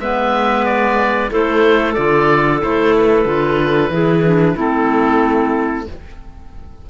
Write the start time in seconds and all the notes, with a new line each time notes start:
0.00 G#3 B3 B4 E5
0.65 D5
1.30 A3 E4 A4 C5
1.94 D3 F4 D5
2.60 A3 E4 C5
2.98 B4
3.25 D3 F4
3.90 E3 E4 G#4
4.24 D4
4.54 A3 C4 E4 A4